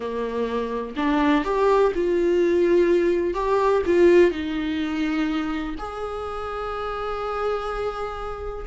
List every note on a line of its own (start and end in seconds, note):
0.00 0.95 A#3
0.96 1.44 D4
1.44 1.92 G4
1.94 3.34 F4
3.34 3.82 G4
3.86 4.31 F4
4.31 5.75 D#4
5.78 8.66 G#4